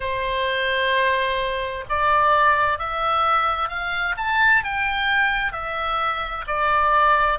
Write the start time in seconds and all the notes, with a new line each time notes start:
0.00 C5
1.89 D5
2.78 E5
3.68 F5
4.17 A5
4.63 G5
5.52 E5
6.47 D5